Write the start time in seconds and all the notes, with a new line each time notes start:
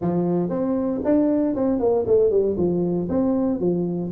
0.01 F3
0.49 C4
1.04 D4
1.55 C4
1.79 A#3
2.07 A3
2.30 G3
2.57 F3
3.09 C4
3.59 F3